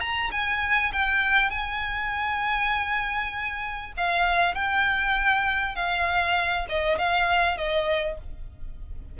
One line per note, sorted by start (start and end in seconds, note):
0.00 0.30 A#5
0.31 0.91 G#5
0.92 1.50 G5
1.50 3.92 G#5
3.97 4.54 F5
4.54 5.75 G5
5.75 6.66 F5
6.69 6.98 D#5
6.98 7.57 F5
7.57 8.18 D#5